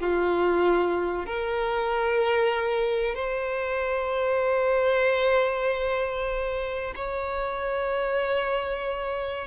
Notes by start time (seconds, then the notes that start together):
0.00 F4
1.26 A#4
3.15 C5
6.96 C#5